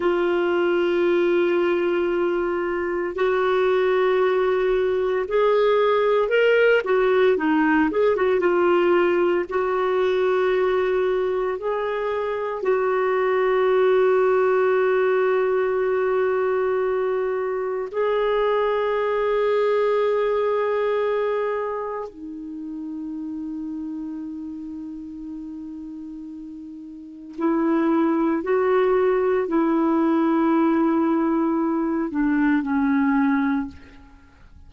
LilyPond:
\new Staff \with { instrumentName = "clarinet" } { \time 4/4 \tempo 4 = 57 f'2. fis'4~ | fis'4 gis'4 ais'8 fis'8 dis'8 gis'16 fis'16 | f'4 fis'2 gis'4 | fis'1~ |
fis'4 gis'2.~ | gis'4 dis'2.~ | dis'2 e'4 fis'4 | e'2~ e'8 d'8 cis'4 | }